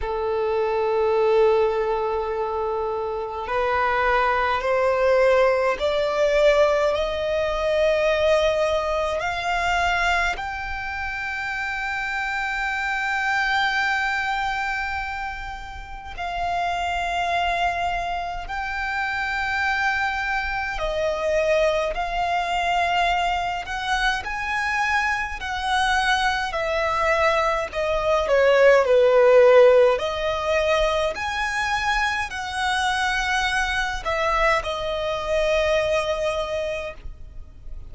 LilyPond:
\new Staff \with { instrumentName = "violin" } { \time 4/4 \tempo 4 = 52 a'2. b'4 | c''4 d''4 dis''2 | f''4 g''2.~ | g''2 f''2 |
g''2 dis''4 f''4~ | f''8 fis''8 gis''4 fis''4 e''4 | dis''8 cis''8 b'4 dis''4 gis''4 | fis''4. e''8 dis''2 | }